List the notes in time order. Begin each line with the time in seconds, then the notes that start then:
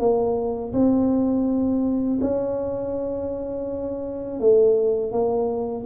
0.00 A#3
0.74 C4
2.22 C#4
4.40 A3
5.12 A#3